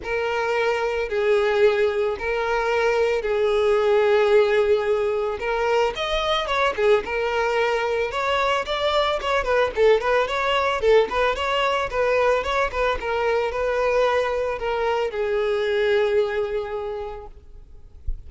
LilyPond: \new Staff \with { instrumentName = "violin" } { \time 4/4 \tempo 4 = 111 ais'2 gis'2 | ais'2 gis'2~ | gis'2 ais'4 dis''4 | cis''8 gis'8 ais'2 cis''4 |
d''4 cis''8 b'8 a'8 b'8 cis''4 | a'8 b'8 cis''4 b'4 cis''8 b'8 | ais'4 b'2 ais'4 | gis'1 | }